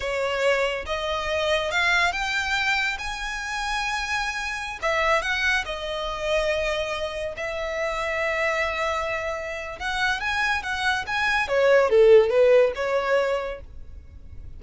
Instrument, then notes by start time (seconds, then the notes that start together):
violin
0.00 C#5
0.86 D#5
1.71 F5
2.12 G5
2.98 G#5
4.82 E5
5.22 F#5
5.65 D#5
7.37 E5
9.79 F#5
10.20 G#5
10.62 F#5
11.06 G#5
11.48 C#5
11.89 A4
12.29 B4
12.75 C#5